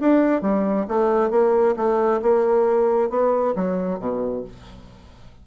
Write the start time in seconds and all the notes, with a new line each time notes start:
0.00 D4
0.42 G3
0.88 A3
1.30 A#3
1.76 A3
2.22 A#3
3.09 B3
3.55 F#3
3.99 B2